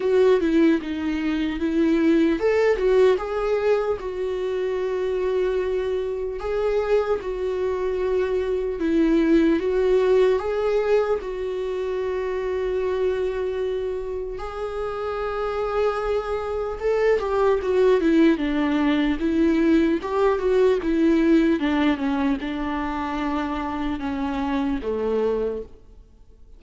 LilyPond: \new Staff \with { instrumentName = "viola" } { \time 4/4 \tempo 4 = 75 fis'8 e'8 dis'4 e'4 a'8 fis'8 | gis'4 fis'2. | gis'4 fis'2 e'4 | fis'4 gis'4 fis'2~ |
fis'2 gis'2~ | gis'4 a'8 g'8 fis'8 e'8 d'4 | e'4 g'8 fis'8 e'4 d'8 cis'8 | d'2 cis'4 a4 | }